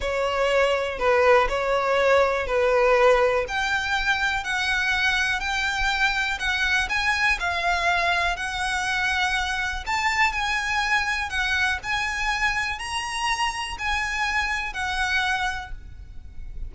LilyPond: \new Staff \with { instrumentName = "violin" } { \time 4/4 \tempo 4 = 122 cis''2 b'4 cis''4~ | cis''4 b'2 g''4~ | g''4 fis''2 g''4~ | g''4 fis''4 gis''4 f''4~ |
f''4 fis''2. | a''4 gis''2 fis''4 | gis''2 ais''2 | gis''2 fis''2 | }